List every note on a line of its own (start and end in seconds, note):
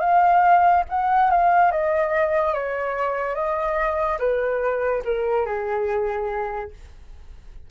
0.00 0.83 F5
0.89 1.30 F#5
1.30 1.71 F5
1.71 2.53 D#5
2.53 3.34 C#5
3.34 4.18 D#5
4.19 5.02 B4
5.04 5.45 A#4
5.45 6.70 G#4